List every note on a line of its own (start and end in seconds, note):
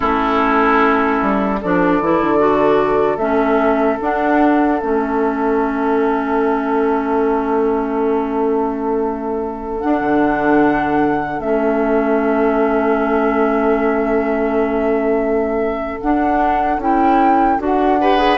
0.00 1.21 A3
0.00 1.60 C#4
0.00 1.59 E4
0.00 1.60 A4
1.22 1.62 G3
1.61 2.00 F3
1.61 2.02 D4
1.61 18.00 A4
1.61 3.17 D5
2.00 2.20 E3
2.00 2.38 E4
2.20 3.17 D3
2.38 3.18 F#4
3.17 3.97 A3
3.17 3.99 C#4
3.17 3.97 E5
3.99 4.79 D4
3.99 4.81 D4
3.99 4.80 F#5
4.80 9.82 A3
4.80 9.81 C#4
4.80 9.80 E5
9.80 11.41 D4
9.80 10.00 D4
9.80 11.40 F#5
10.00 11.38 D3
11.38 15.98 A3
11.38 16.01 C#4
11.38 16.00 E5
16.00 16.80 D4
16.00 16.78 D4
16.00 16.80 F#5
16.78 17.58 C#4
16.78 17.58 E4
16.78 17.61 G5
17.58 18.38 D4
17.58 17.98 F#4
17.64 18.38 F#5
18.00 18.17 G4
18.00 18.38 B4
18.17 18.37 G#4